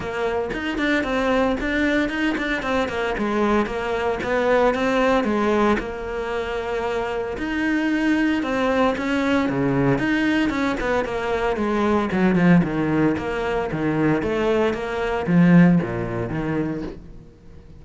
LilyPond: \new Staff \with { instrumentName = "cello" } { \time 4/4 \tempo 4 = 114 ais4 dis'8 d'8 c'4 d'4 | dis'8 d'8 c'8 ais8 gis4 ais4 | b4 c'4 gis4 ais4~ | ais2 dis'2 |
c'4 cis'4 cis4 dis'4 | cis'8 b8 ais4 gis4 fis8 f8 | dis4 ais4 dis4 a4 | ais4 f4 ais,4 dis4 | }